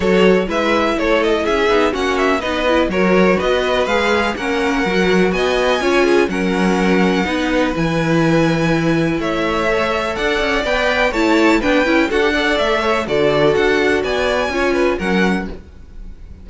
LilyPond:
<<
  \new Staff \with { instrumentName = "violin" } { \time 4/4 \tempo 4 = 124 cis''4 e''4 cis''8 dis''8 e''4 | fis''8 e''8 dis''4 cis''4 dis''4 | f''4 fis''2 gis''4~ | gis''4 fis''2. |
gis''2. e''4~ | e''4 fis''4 g''4 a''4 | g''4 fis''4 e''4 d''4 | fis''4 gis''2 fis''4 | }
  \new Staff \with { instrumentName = "violin" } { \time 4/4 a'4 b'4 a'4 gis'4 | fis'4 b'4 ais'4 b'4~ | b'4 ais'2 dis''4 | cis''8 gis'8 ais'2 b'4~ |
b'2. cis''4~ | cis''4 d''2 cis''4 | b'4 a'8 d''4 cis''8 a'4~ | a'4 d''4 cis''8 b'8 ais'4 | }
  \new Staff \with { instrumentName = "viola" } { \time 4/4 fis'4 e'2~ e'8 dis'8 | cis'4 dis'8 e'8 fis'2 | gis'4 cis'4 fis'2 | f'4 cis'2 dis'4 |
e'1 | a'2 b'4 e'4 | d'8 e'8 fis'16 g'16 a'4. fis'4~ | fis'2 f'4 cis'4 | }
  \new Staff \with { instrumentName = "cello" } { \time 4/4 fis4 gis4 a4 cis'8 b8 | ais4 b4 fis4 b4 | gis4 ais4 fis4 b4 | cis'4 fis2 b4 |
e2. a4~ | a4 d'8 cis'8 b4 a4 | b8 cis'8 d'4 a4 d4 | d'4 b4 cis'4 fis4 | }
>>